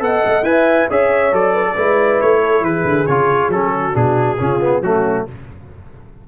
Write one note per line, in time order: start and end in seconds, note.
0.00 0.23 B3
0.00 0.44 A4
0.00 0.49 D#5
0.00 0.45 F#5
0.26 0.43 A3
0.43 0.87 E4
0.43 0.89 B4
0.43 0.89 G#5
0.49 0.91 E5
0.90 1.33 C#4
0.90 1.32 G#4
0.90 1.54 C#5
0.90 1.35 E5
1.32 1.76 F#3
1.32 1.76 A4
1.32 2.21 D5
1.54 1.65 B4
1.66 1.76 A4
1.76 2.21 G#3
1.76 3.08 E4
1.76 2.42 B4
2.21 2.62 A3
2.21 2.65 C#5
2.42 2.64 A4
2.62 2.83 E3
2.62 3.74 G#4
2.62 3.07 B4
2.84 3.06 D3
3.07 3.49 C#3
3.07 3.53 F4
3.07 3.51 C#5
3.49 3.93 F#3
3.49 3.94 C#4
3.49 3.96 A4
3.75 4.40 F#4
3.94 4.40 B2
3.94 4.38 D4
3.94 4.83 G#4
4.39 4.82 C#3
4.39 4.60 C#4
4.39 4.84 F4
4.61 4.83 B3
4.82 5.25 F#3
4.82 5.29 A3
4.82 5.28 C#4
4.82 5.27 F#4